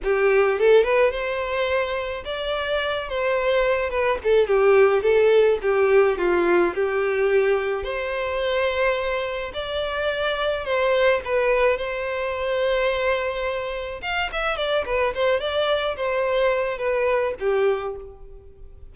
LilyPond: \new Staff \with { instrumentName = "violin" } { \time 4/4 \tempo 4 = 107 g'4 a'8 b'8 c''2 | d''4. c''4. b'8 a'8 | g'4 a'4 g'4 f'4 | g'2 c''2~ |
c''4 d''2 c''4 | b'4 c''2.~ | c''4 f''8 e''8 d''8 b'8 c''8 d''8~ | d''8 c''4. b'4 g'4 | }